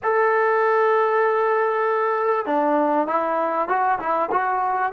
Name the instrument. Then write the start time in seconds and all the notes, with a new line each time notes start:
trombone
0.03 A4
2.46 D4
3.07 E4
3.68 F#4
3.99 E4
4.31 F#4